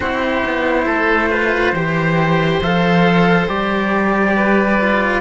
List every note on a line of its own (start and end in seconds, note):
0.00 0.43 C4
0.00 1.30 E4
0.00 0.85 G4
0.00 2.59 C5
0.45 0.86 B3
0.85 1.72 A3
0.85 1.29 A4
1.30 1.74 F4
1.30 1.73 B4
1.72 2.59 E3
1.72 2.62 G4
1.72 4.34 C5
2.62 3.47 F3
2.62 3.48 A4
2.62 3.48 F5
3.47 5.20 G3
3.47 4.79 G4
3.47 5.20 D5
4.36 5.20 B4
4.80 5.20 F4